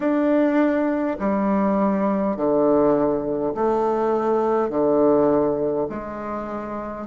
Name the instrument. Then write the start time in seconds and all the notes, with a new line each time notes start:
bassoon
0.00 D4
1.19 G3
2.36 D3
3.54 A3
4.69 D3
5.89 G#3